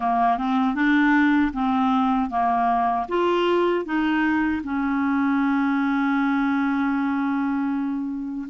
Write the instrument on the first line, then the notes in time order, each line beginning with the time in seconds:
clarinet
0.00 A#3
0.37 C4
0.74 D4
1.53 C4
2.29 A#3
3.08 F4
3.85 D#4
4.63 C#4